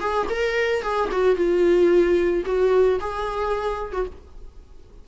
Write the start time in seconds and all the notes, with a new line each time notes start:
0.00 G#4
0.29 A#4
0.82 G#4
1.12 F#4
1.35 F4
2.45 F#4
3.00 G#4
3.92 F#4